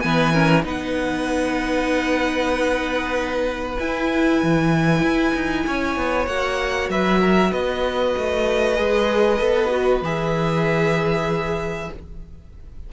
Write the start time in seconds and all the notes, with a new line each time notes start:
0.00 E3 B3 B4 G#5
0.33 C#4 A#4
0.63 B3 D#4 B4 F#5
3.79 E4 G#5
4.42 E3
5.02 E4
5.35 D#4
5.67 C#4 C#5
5.96 B3
6.27 A#3 F#4 F#5
6.89 F#3 B4 E5
7.20 A#4
7.52 B3 B4 D#5
8.17 A3
8.75 G#3 G#4
9.39 B3 A4
9.70 F#4
10.01 E3 G#4 E5